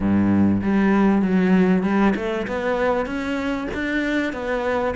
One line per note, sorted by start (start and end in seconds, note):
0.00 0.61 G2
0.62 1.22 G3
1.22 1.82 F#3
1.82 2.13 G3
2.15 2.46 A3
2.47 3.05 B3
3.05 3.67 C#4
3.74 4.32 D4
4.32 4.94 B3